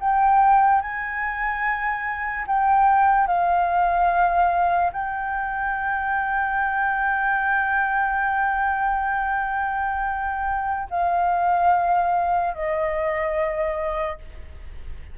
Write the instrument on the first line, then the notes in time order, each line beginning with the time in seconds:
flute
0.00 G5
0.81 G#5
2.47 G5
3.27 F5
4.93 G5
10.91 F5
12.54 D#5